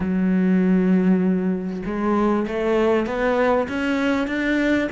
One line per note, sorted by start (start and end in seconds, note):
0.00 1.82 F#3
1.85 2.46 G#3
2.47 3.06 A3
3.06 3.67 B3
3.68 4.27 C#4
4.27 4.88 D4